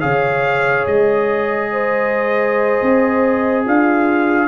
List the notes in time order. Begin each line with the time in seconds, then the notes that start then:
0.00 C#3 G#4 C#5 F5
0.87 G#3 D#5
1.72 C5
2.82 C4
3.64 D4 F4 F5